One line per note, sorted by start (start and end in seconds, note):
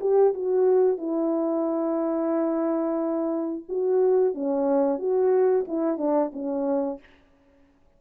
0.00 0.33 G4
0.34 0.97 F#4
0.97 3.64 E4
3.68 4.34 F#4
4.34 4.98 C#4
4.98 5.65 F#4
5.67 5.98 E4
5.98 6.31 D4
6.33 6.99 C#4